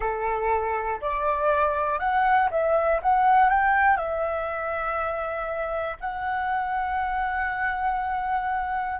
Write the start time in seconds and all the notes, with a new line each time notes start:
0.00 A4
1.00 D5
1.99 F#5
2.50 E5
3.02 F#5
3.50 G5
3.96 E5
6.00 F#5